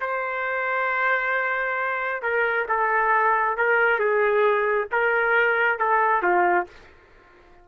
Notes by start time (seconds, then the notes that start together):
0.00 C5
2.22 A#4
2.68 A4
3.57 A#4
3.99 G#4
4.91 A#4
5.79 A4
6.22 F4